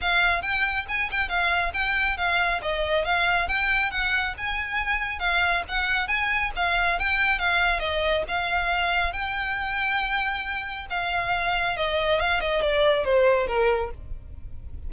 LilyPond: \new Staff \with { instrumentName = "violin" } { \time 4/4 \tempo 4 = 138 f''4 g''4 gis''8 g''8 f''4 | g''4 f''4 dis''4 f''4 | g''4 fis''4 gis''2 | f''4 fis''4 gis''4 f''4 |
g''4 f''4 dis''4 f''4~ | f''4 g''2.~ | g''4 f''2 dis''4 | f''8 dis''8 d''4 c''4 ais'4 | }